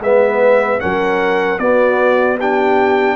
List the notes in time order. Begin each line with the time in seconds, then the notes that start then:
0.00 G#3 B3 B4 E5
0.80 F#3 C#4 A#4 F#5
1.59 B3 F#4 D5
2.39 D4 G4 G5